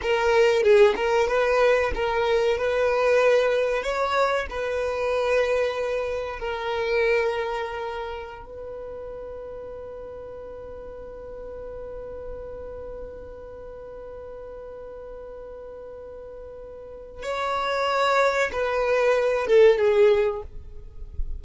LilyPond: \new Staff \with { instrumentName = "violin" } { \time 4/4 \tempo 4 = 94 ais'4 gis'8 ais'8 b'4 ais'4 | b'2 cis''4 b'4~ | b'2 ais'2~ | ais'4~ ais'16 b'2~ b'8.~ |
b'1~ | b'1~ | b'2. cis''4~ | cis''4 b'4. a'8 gis'4 | }